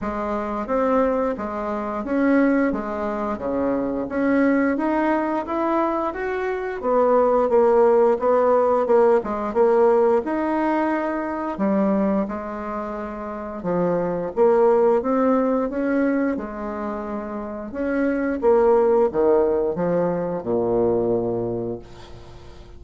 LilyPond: \new Staff \with { instrumentName = "bassoon" } { \time 4/4 \tempo 4 = 88 gis4 c'4 gis4 cis'4 | gis4 cis4 cis'4 dis'4 | e'4 fis'4 b4 ais4 | b4 ais8 gis8 ais4 dis'4~ |
dis'4 g4 gis2 | f4 ais4 c'4 cis'4 | gis2 cis'4 ais4 | dis4 f4 ais,2 | }